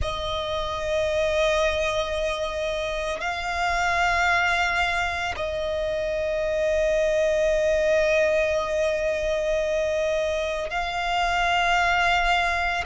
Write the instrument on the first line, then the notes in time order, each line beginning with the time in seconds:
violin
0.01 D#5
3.20 F5
5.36 D#5
10.69 F5